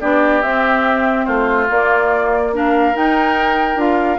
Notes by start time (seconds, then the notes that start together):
0.00 B3 D4 G4 D5
0.42 C4 E5
1.25 A3 F4 C5
1.70 A#3 D5
2.53 D4 A#4 F5
2.94 D#4 G5
3.76 D4 F4 F5